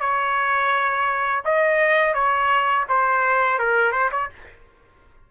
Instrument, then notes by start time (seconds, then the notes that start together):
trumpet
0.00 C#5
1.45 D#5
2.14 C#5
2.89 C5
3.59 A#4
3.92 C5
4.12 C#5